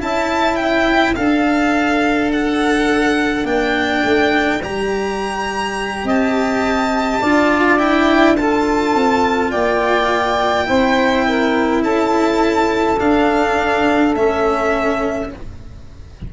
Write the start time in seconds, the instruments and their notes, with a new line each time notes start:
0.00 tuba C#4, cello E4, saxophone E5, violin A5
0.56 violin G5
1.16 tuba D4, cello A4, saxophone D5, violin F5
2.33 violin F#5
3.44 tuba A#3, cello D4, violin G5
4.04 tuba A3
4.63 tuba G3, cello G4, violin A#5
6.04 tuba C4, saxophone D#5, violin A5
7.21 tuba D4, cello F4, saxophone D5
7.78 cello E4, violin G5
8.37 cello F4, saxophone A4, violin A5
8.94 tuba C4
9.50 tuba A#3, saxophone D5, violin G5
10.65 tuba C4, cello E4, saxophone C5
11.28 saxophone A#4
11.82 tuba C#4, saxophone A4, violin A5
12.99 cello D4, tuba D4, violin F5
14.14 tuba A3, cello C#4, violin E5